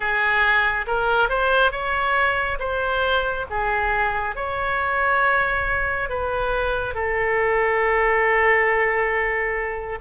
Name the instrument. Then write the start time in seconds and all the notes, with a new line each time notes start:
oboe
0.00 G#4
0.86 A#4
1.29 C5
1.71 C#5
2.59 C5
3.50 G#4
4.35 C#5
6.09 B4
6.94 A4